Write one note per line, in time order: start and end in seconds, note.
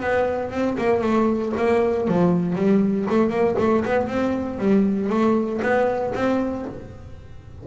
0.00 0.51 B3
0.51 0.76 C4
0.78 1.01 A#3
1.01 1.52 A3
1.57 2.07 A#3
2.07 2.55 F3
2.55 3.07 G3
3.09 3.30 A3
3.30 3.55 A#3
3.58 3.84 A3
3.85 4.08 B3
4.08 4.59 C4
4.59 5.09 G3
5.09 5.60 A3
5.62 6.13 B3
6.14 6.66 C4